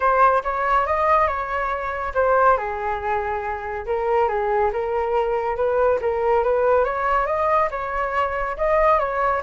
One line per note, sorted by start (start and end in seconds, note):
0.00 0.42 C5
0.43 0.86 C#5
0.86 1.27 D#5
1.27 2.12 C#5
2.14 2.57 C5
2.57 3.85 G#4
3.86 4.28 A#4
4.28 4.71 G#4
4.72 5.56 A#4
5.56 5.99 B4
6.01 6.43 A#4
6.43 6.84 B4
6.84 7.26 C#5
7.26 7.69 D#5
7.70 8.56 C#5
8.57 8.99 D#5
8.99 9.42 C#5